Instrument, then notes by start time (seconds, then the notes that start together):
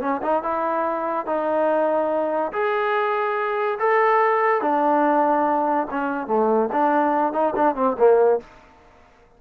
trombone
0.00 C#4
0.22 D#4
0.43 E4
1.26 D#4
2.52 G#4
3.79 A4
4.61 D4
5.90 C#4
6.27 A3
6.72 D4
7.33 D#4
7.55 D4
7.75 C4
7.98 A#3